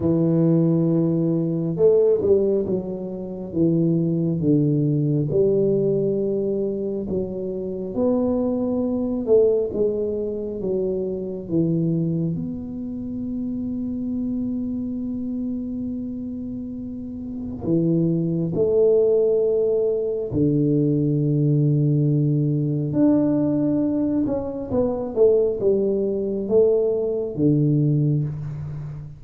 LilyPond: \new Staff \with { instrumentName = "tuba" } { \time 4/4 \tempo 4 = 68 e2 a8 g8 fis4 | e4 d4 g2 | fis4 b4. a8 gis4 | fis4 e4 b2~ |
b1 | e4 a2 d4~ | d2 d'4. cis'8 | b8 a8 g4 a4 d4 | }